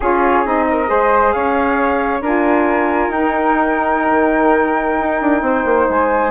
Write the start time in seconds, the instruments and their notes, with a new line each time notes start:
0.00 bassoon C#4, saxophone F4, flute G#4 C#5
0.44 bassoon C4, saxophone D#4, flute D#5
0.70 flute A#4
0.86 bassoon G#3, saxophone G#4, flute C5
1.32 bassoon C#4, flute C#5 F5
2.21 bassoon D4, saxophone F4, flute A#4 G#5
3.08 bassoon D#4, saxophone D#4, flute G5
4.10 bassoon D#3
4.99 bassoon D#4
5.21 bassoon D4
5.41 bassoon C4, flute C5
5.64 bassoon A#3
5.89 bassoon G#3, flute G#5